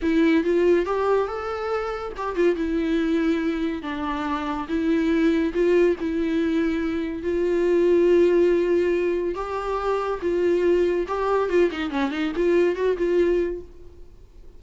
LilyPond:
\new Staff \with { instrumentName = "viola" } { \time 4/4 \tempo 4 = 141 e'4 f'4 g'4 a'4~ | a'4 g'8 f'8 e'2~ | e'4 d'2 e'4~ | e'4 f'4 e'2~ |
e'4 f'2.~ | f'2 g'2 | f'2 g'4 f'8 dis'8 | cis'8 dis'8 f'4 fis'8 f'4. | }